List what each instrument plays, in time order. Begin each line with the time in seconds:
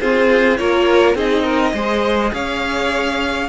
0.00 viola C4, cello F4, violin G#4 C5
0.57 cello A#3, viola F4, violin A#4 C#5
1.14 cello C4, viola D#4, violin G#4 D#5
1.43 violin A#4
1.74 cello G#3, viola G#4, violin C5
2.33 cello C#4, violin C#5 F5